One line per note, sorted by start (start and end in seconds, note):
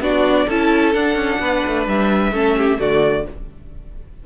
0.00 0.46 B3
0.00 0.48 D4
0.00 0.47 F#4
0.00 0.50 D5
0.47 0.95 C#4
0.47 0.94 E4
0.47 1.39 A4
0.47 0.93 A5
0.93 2.32 D4
0.93 1.15 D4
0.93 1.85 F#5
1.15 1.38 C#4
1.39 1.62 B3
1.39 2.33 B4
1.66 1.87 A3
1.87 2.31 G3
1.87 2.80 E5
2.31 2.78 A3
2.31 2.79 C#4
2.31 2.56 A4
2.57 2.79 G4
2.79 3.26 D3
2.79 3.25 A3
2.79 3.26 F#4
2.79 3.26 D5